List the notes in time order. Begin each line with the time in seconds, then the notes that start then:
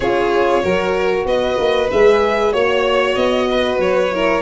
0.00 C#4 F4 G#4 C#5
0.63 F#3 F#4 A#4
1.25 B3 B4 D#5
1.58 A#3
1.90 G#3 G#4 E5
2.52 A#3 F#4 C#5
3.15 B3 D#5
3.51 B4
3.79 F#3 C#5
4.11 E4 A#4